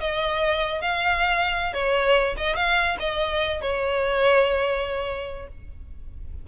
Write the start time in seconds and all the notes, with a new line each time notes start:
0.00 D#5
0.81 F5
1.73 C#5
2.37 D#5
2.55 F5
2.99 D#5
3.61 C#5